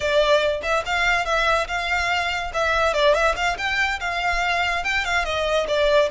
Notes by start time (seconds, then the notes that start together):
0.00 D5
0.62 E5
0.85 F5
1.25 E5
1.67 F5
2.53 E5
2.93 D5
3.14 E5
3.35 F5
3.57 G5
4.00 F5
4.84 G5
5.04 F5
5.24 D#5
5.67 D5